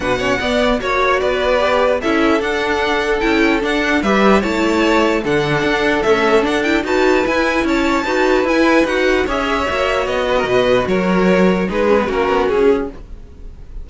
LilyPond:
<<
  \new Staff \with { instrumentName = "violin" } { \time 4/4 \tempo 4 = 149 fis''2 cis''4 d''4~ | d''4 e''4 fis''2 | g''4 fis''4 e''4 a''4~ | a''4 fis''2 e''4 |
fis''8 g''8 a''4 gis''4 a''4~ | a''4 gis''4 fis''4 e''4~ | e''4 dis''2 cis''4~ | cis''4 b'4 ais'4 gis'4 | }
  \new Staff \with { instrumentName = "violin" } { \time 4/4 b'8 cis''8 d''4 cis''4 b'4~ | b'4 a'2.~ | a'2 b'4 cis''4~ | cis''4 a'2.~ |
a'4 b'2 cis''4 | b'2. cis''4~ | cis''4. b'16 ais'16 b'4 ais'4~ | ais'4 gis'4 fis'2 | }
  \new Staff \with { instrumentName = "viola" } { \time 4/4 d'8 cis'8 b4 fis'2 | g'4 e'4 d'2 | e'4 d'4 g'4 e'4~ | e'4 d'2 a4 |
d'8 e'8 fis'4 e'2 | fis'4 e'4 fis'4 gis'4 | fis'1~ | fis'4 dis'8 cis'16 b16 cis'2 | }
  \new Staff \with { instrumentName = "cello" } { \time 4/4 b,4 b4 ais4 b4~ | b4 cis'4 d'2 | cis'4 d'4 g4 a4~ | a4 d4 d'4 cis'4 |
d'4 dis'4 e'4 cis'4 | dis'4 e'4 dis'4 cis'4 | ais4 b4 b,4 fis4~ | fis4 gis4 ais8 b8 cis'4 | }
>>